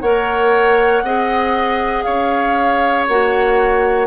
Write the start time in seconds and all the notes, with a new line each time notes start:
0.00 A#3 A#4 C#5 F#5
1.02 C4 G#4 D#5
2.02 C#4 C#5 F5
3.07 A#3 F#4 F#5